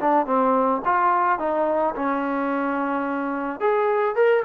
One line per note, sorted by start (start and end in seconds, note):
0.00 0.26 D4
0.26 0.82 C4
0.85 1.38 F4
1.38 1.94 D#4
1.95 3.60 C#4
3.60 4.15 G#4
4.15 4.43 A#4